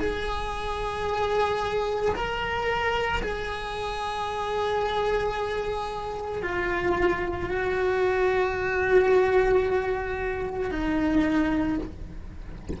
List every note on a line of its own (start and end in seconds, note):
0.00 2.14 G#4
2.15 3.22 A#4
3.22 6.42 G#4
6.42 7.49 F4
7.50 10.70 F#4
10.70 11.78 D#4